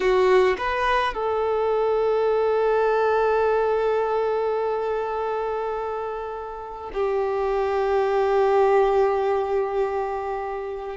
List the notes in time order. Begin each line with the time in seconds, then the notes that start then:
0.00 F#4
0.57 B4
1.14 A4
6.93 G4